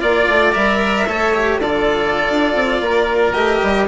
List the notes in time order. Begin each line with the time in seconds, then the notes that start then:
0.00 A#3 F4 D5
0.28 A3
0.52 G3 A#4 E5
1.07 A3 A4 C#5
1.34 G4
1.59 D3 F4 A4 D5
2.30 D4
2.55 C4
2.80 A#3 A#4
3.33 A3 G4 D#5
3.62 G3